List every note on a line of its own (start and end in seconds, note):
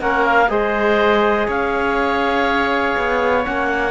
0.00 0.49 A#3
0.00 0.48 C#4
0.00 0.50 A#4
0.00 0.24 F#5
0.24 0.49 F5
0.48 1.47 G#3
0.48 3.43 G#4
0.48 1.47 C5
0.48 1.47 D#5
1.47 2.96 C#4
1.47 3.91 C#5
1.47 3.44 F5
2.97 3.46 B3
3.44 3.91 A#3
3.44 3.91 C#4
3.44 3.91 F#5